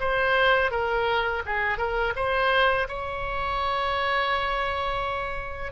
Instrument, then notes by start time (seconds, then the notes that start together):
oboe
0.00 C5
0.71 A#4
1.46 G#4
1.78 A#4
2.16 C5
2.89 C#5